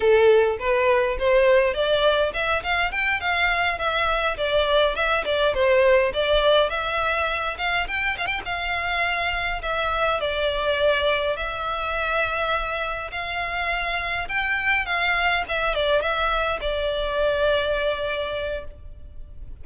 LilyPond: \new Staff \with { instrumentName = "violin" } { \time 4/4 \tempo 4 = 103 a'4 b'4 c''4 d''4 | e''8 f''8 g''8 f''4 e''4 d''8~ | d''8 e''8 d''8 c''4 d''4 e''8~ | e''4 f''8 g''8 f''16 g''16 f''4.~ |
f''8 e''4 d''2 e''8~ | e''2~ e''8 f''4.~ | f''8 g''4 f''4 e''8 d''8 e''8~ | e''8 d''2.~ d''8 | }